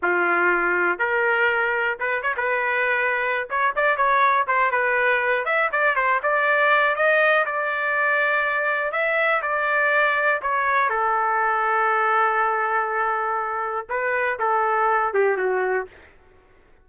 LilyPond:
\new Staff \with { instrumentName = "trumpet" } { \time 4/4 \tempo 4 = 121 f'2 ais'2 | b'8 cis''16 b'2~ b'16 cis''8 d''8 | cis''4 c''8 b'4. e''8 d''8 | c''8 d''4. dis''4 d''4~ |
d''2 e''4 d''4~ | d''4 cis''4 a'2~ | a'1 | b'4 a'4. g'8 fis'4 | }